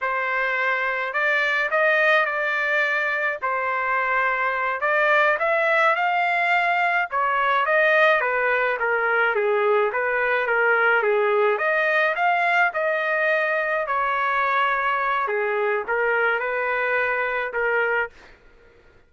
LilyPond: \new Staff \with { instrumentName = "trumpet" } { \time 4/4 \tempo 4 = 106 c''2 d''4 dis''4 | d''2 c''2~ | c''8 d''4 e''4 f''4.~ | f''8 cis''4 dis''4 b'4 ais'8~ |
ais'8 gis'4 b'4 ais'4 gis'8~ | gis'8 dis''4 f''4 dis''4.~ | dis''8 cis''2~ cis''8 gis'4 | ais'4 b'2 ais'4 | }